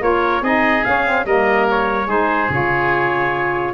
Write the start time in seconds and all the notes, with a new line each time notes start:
0.00 A#3 F4 A#4 C#5
0.41 C4 D#4 G#4 D#5
0.84 C#4 F5
1.04 C4
1.25 G3 A#3 A#4 D#5
1.69 C#5
2.07 G#3 D#4 G#4 C5
2.49 C#3 F4 C#5